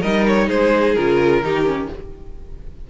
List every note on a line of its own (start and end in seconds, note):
0.00 0.49 G3
0.00 0.97 D#4
0.00 0.47 A#4
0.00 0.25 D#5
0.27 0.49 C#5
0.47 0.96 G#3
0.47 1.40 G#4
0.47 0.94 C5
0.94 1.42 C#3
0.94 1.43 F4
0.94 1.87 A#4
1.42 1.89 D#3
1.42 1.65 D#4
1.42 1.90 G4
1.65 1.88 C#4